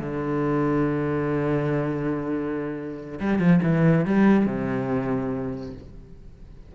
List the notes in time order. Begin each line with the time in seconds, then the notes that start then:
0.00 D3
3.20 G3
3.39 F3
3.63 E3
4.05 G3
4.46 C3